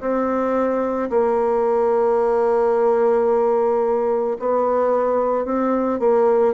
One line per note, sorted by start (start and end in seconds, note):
0.00 1.09 C4
1.10 4.37 A#3
4.39 5.45 B3
5.45 6.00 C4
6.00 6.54 A#3